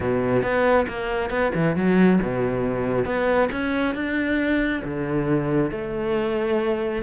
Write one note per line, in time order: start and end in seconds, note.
0.00 0.42 B2
0.42 0.86 B3
0.88 1.30 A#3
1.30 1.52 B3
1.54 1.76 E3
1.76 2.19 F#3
2.22 3.05 B2
3.05 3.49 B3
3.51 3.95 C#4
3.95 4.82 D4
4.84 5.71 D3
5.71 7.02 A3